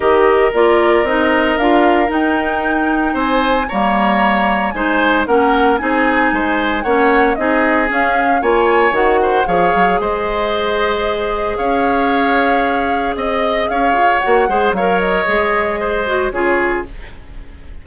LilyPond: <<
  \new Staff \with { instrumentName = "flute" } { \time 4/4 \tempo 4 = 114 dis''4 d''4 dis''4 f''4 | g''2 gis''4 ais''4~ | ais''4 gis''4 fis''4 gis''4~ | gis''4 fis''4 dis''4 f''4 |
gis''4 fis''4 f''4 dis''4~ | dis''2 f''2~ | f''4 dis''4 f''4 fis''4 | f''8 dis''2~ dis''8 cis''4 | }
  \new Staff \with { instrumentName = "oboe" } { \time 4/4 ais'1~ | ais'2 c''4 cis''4~ | cis''4 c''4 ais'4 gis'4 | c''4 cis''4 gis'2 |
cis''4. c''8 cis''4 c''4~ | c''2 cis''2~ | cis''4 dis''4 cis''4. c''8 | cis''2 c''4 gis'4 | }
  \new Staff \with { instrumentName = "clarinet" } { \time 4/4 g'4 f'4 dis'4 f'4 | dis'2. ais4~ | ais4 dis'4 cis'4 dis'4~ | dis'4 cis'4 dis'4 cis'4 |
f'4 fis'4 gis'2~ | gis'1~ | gis'2. fis'8 gis'8 | ais'4 gis'4. fis'8 f'4 | }
  \new Staff \with { instrumentName = "bassoon" } { \time 4/4 dis4 ais4 c'4 d'4 | dis'2 c'4 g4~ | g4 gis4 ais4 c'4 | gis4 ais4 c'4 cis'4 |
ais4 dis4 f8 fis8 gis4~ | gis2 cis'2~ | cis'4 c'4 cis'8 f'8 ais8 gis8 | fis4 gis2 cis4 | }
>>